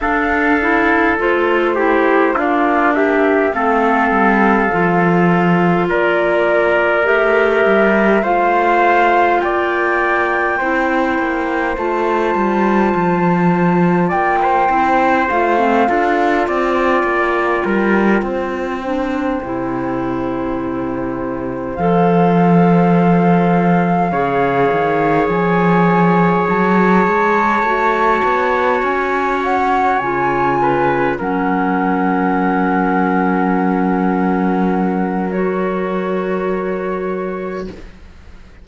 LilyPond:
<<
  \new Staff \with { instrumentName = "flute" } { \time 4/4 \tempo 4 = 51 f''4 c''4 d''8 e''8 f''4~ | f''4 d''4 e''4 f''4 | g''2 a''2 | g''4 f''4 g''2~ |
g''2~ g''8 f''4.~ | f''4. gis''4 a''4.~ | a''8 gis''8 fis''8 gis''4 fis''4.~ | fis''2 cis''2 | }
  \new Staff \with { instrumentName = "trumpet" } { \time 4/4 a'4. g'8 f'8 g'8 a'4~ | a'4 ais'2 c''4 | d''4 c''2. | d''16 c''4~ c''16 a'8 d''4 ais'8 c''8~ |
c''1~ | c''8 cis''2.~ cis''8~ | cis''2 b'8 ais'4.~ | ais'1 | }
  \new Staff \with { instrumentName = "clarinet" } { \time 4/4 d'8 e'8 f'8 e'8 d'4 c'4 | f'2 g'4 f'4~ | f'4 e'4 f'2~ | f'8 e'8 f'16 c'16 f'2~ f'8 |
d'8 e'2 a'4.~ | a'8 gis'2. fis'8~ | fis'4. f'4 cis'4.~ | cis'2 fis'2 | }
  \new Staff \with { instrumentName = "cello" } { \time 4/4 d'4 a4 ais4 a8 g8 | f4 ais4 a8 g8 a4 | ais4 c'8 ais8 a8 g8 f4 | ais8 c'8 a8 d'8 c'8 ais8 g8 c'8~ |
c'8 c2 f4.~ | f8 cis8 dis8 f4 fis8 gis8 a8 | b8 cis'4 cis4 fis4.~ | fis1 | }
>>